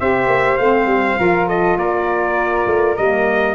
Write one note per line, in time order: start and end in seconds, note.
0.00 0.27 C4
0.00 0.59 G4
0.00 1.19 C5
0.00 0.58 E5
0.27 0.57 A#3
0.58 0.86 A3
0.58 1.18 C4
0.58 1.47 F5
0.86 1.16 G3
1.18 1.76 F3
1.18 2.96 F4
1.18 1.48 A#4
1.48 1.78 A4
1.48 1.78 D#5
1.76 2.65 A#3
1.76 3.55 A#4
1.76 2.96 D5
2.66 2.96 A3
2.96 3.55 G3
2.96 3.55 A#3
2.96 3.55 D#5